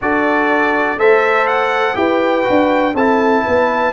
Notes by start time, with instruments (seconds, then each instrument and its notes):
0.01 tuba D4, trombone F#4, horn A4, trumpet D5
0.96 tuba A3, trombone A4, horn C5, trumpet E5
1.47 trumpet F#5
1.94 tuba E4, trombone G4, horn B4, trumpet G5
2.43 trombone F#4
2.49 tuba D4
2.93 tuba C4, trombone E4, horn A4, trumpet A5
3.44 tuba B3, horn B4